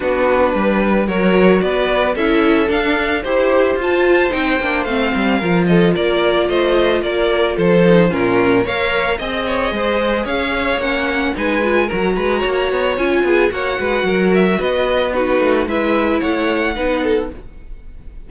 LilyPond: <<
  \new Staff \with { instrumentName = "violin" } { \time 4/4 \tempo 4 = 111 b'2 cis''4 d''4 | e''4 f''4 c''4 a''4 | g''4 f''4. dis''8 d''4 | dis''4 d''4 c''4 ais'4 |
f''4 dis''2 f''4 | fis''4 gis''4 ais''2 | gis''4 fis''4. e''8 dis''4 | b'4 e''4 fis''2 | }
  \new Staff \with { instrumentName = "violin" } { \time 4/4 fis'4 b'4 ais'4 b'4 | a'2 c''2~ | c''2 ais'8 a'8 ais'4 | c''4 ais'4 a'4 f'4 |
cis''4 dis''8 cis''8 c''4 cis''4~ | cis''4 b'4 ais'8 b'8 cis''4~ | cis''8 gis'8 cis''8 b'8 ais'4 b'4 | fis'4 b'4 cis''4 b'8 a'8 | }
  \new Staff \with { instrumentName = "viola" } { \time 4/4 d'2 fis'2 | e'4 d'4 g'4 f'4 | dis'8 d'8 c'4 f'2~ | f'2~ f'8 dis'8 cis'4 |
ais'4 gis'2. | cis'4 dis'8 f'8 fis'2 | f'4 fis'2. | dis'4 e'2 dis'4 | }
  \new Staff \with { instrumentName = "cello" } { \time 4/4 b4 g4 fis4 b4 | cis'4 d'4 e'4 f'4 | c'8 ais8 a8 g8 f4 ais4 | a4 ais4 f4 ais,4 |
ais4 c'4 gis4 cis'4 | ais4 gis4 fis8 gis8 ais8 b8 | cis'8 b8 ais8 gis8 fis4 b4~ | b8 a8 gis4 a4 b4 | }
>>